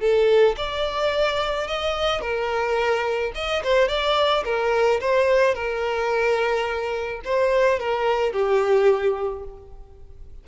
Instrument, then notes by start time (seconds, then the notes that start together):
violin
0.00 A4
0.57 D5
1.67 D#5
2.21 A#4
3.35 D#5
3.63 C5
3.88 D5
4.44 A#4
5.01 C5
5.54 A#4
7.24 C5
7.79 A#4
8.33 G4